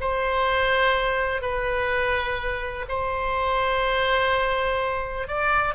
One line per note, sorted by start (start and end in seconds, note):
0.00 1.41 C5
1.41 2.85 B4
2.88 5.27 C5
5.27 5.74 D5